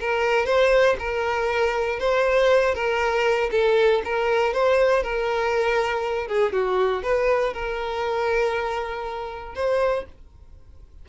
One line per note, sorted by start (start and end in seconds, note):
0.00 0.46 A#4
0.46 0.96 C5
0.99 1.99 A#4
1.99 2.75 C5
2.75 3.50 A#4
3.52 4.02 A4
4.05 4.54 A#4
4.54 5.03 C5
5.03 6.27 A#4
6.27 6.52 G#4
6.52 7.03 F#4
7.03 7.53 B4
7.53 9.55 A#4
9.55 10.05 C5